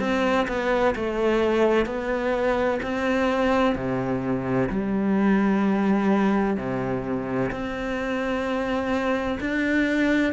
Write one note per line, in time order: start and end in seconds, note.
0.00 0.47 C4
0.48 0.95 B3
0.95 1.86 A3
1.86 2.80 B3
2.83 3.75 C4
3.75 4.69 C3
4.70 6.57 G3
6.57 7.51 C3
7.51 9.39 C4
9.40 10.33 D4